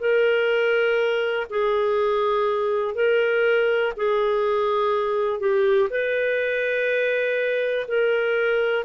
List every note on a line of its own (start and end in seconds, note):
0.00 1.48 A#4
1.50 2.95 G#4
2.95 3.93 A#4
3.97 5.40 G#4
5.40 5.89 G4
5.90 7.87 B4
7.88 8.85 A#4